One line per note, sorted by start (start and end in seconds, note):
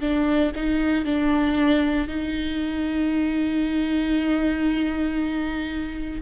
0.00 0.52 D4
0.55 1.05 D#4
1.05 2.08 D4
2.08 6.22 D#4